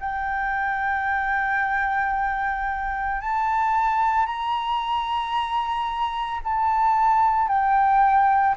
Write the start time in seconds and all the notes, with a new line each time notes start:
0.00 G5
3.21 A5
4.26 A#5
6.44 A5
7.48 G5